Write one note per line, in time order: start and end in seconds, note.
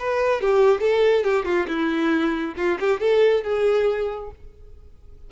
0.00 0.41 B4
0.41 0.81 G4
0.81 1.24 A4
1.24 1.45 G4
1.45 1.67 F4
1.68 2.55 E4
2.57 2.79 F4
2.80 3.01 G4
3.01 3.44 A4
3.44 4.31 G#4